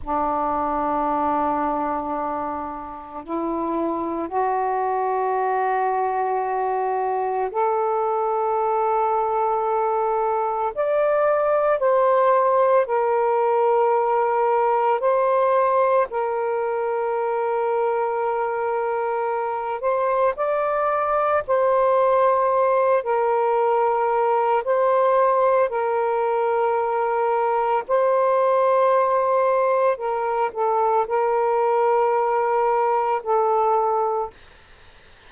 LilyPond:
\new Staff \with { instrumentName = "saxophone" } { \time 4/4 \tempo 4 = 56 d'2. e'4 | fis'2. a'4~ | a'2 d''4 c''4 | ais'2 c''4 ais'4~ |
ais'2~ ais'8 c''8 d''4 | c''4. ais'4. c''4 | ais'2 c''2 | ais'8 a'8 ais'2 a'4 | }